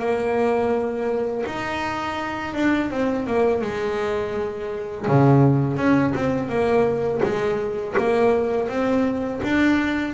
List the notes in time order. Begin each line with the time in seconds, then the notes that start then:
0.00 A#3
1.47 D#4
2.55 D4
2.91 C4
3.27 A#3
3.62 G#3
5.08 C#3
5.78 C#4
6.15 C4
6.49 A#3
7.24 G#3
7.98 A#3
8.69 C4
9.44 D4